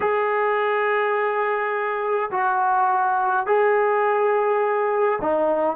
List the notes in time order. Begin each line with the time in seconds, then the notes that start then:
0.00 G#4
2.31 F#4
3.46 G#4
5.21 D#4